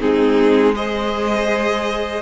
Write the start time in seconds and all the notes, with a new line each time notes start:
0.00 G#3 C4 D#4 G#4
0.75 G#4 C5 D#5